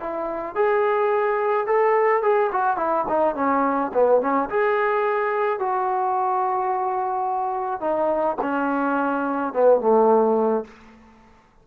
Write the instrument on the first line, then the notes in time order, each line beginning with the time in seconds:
trombone
0.00 E4
0.55 G#4
1.67 A4
2.22 G#4
2.52 F#4
2.77 E4
3.08 D#4
3.35 C#4
3.94 B3
4.21 C#4
4.49 G#4
5.59 F#4
7.80 D#4
8.42 C#4
9.53 B3
9.80 A3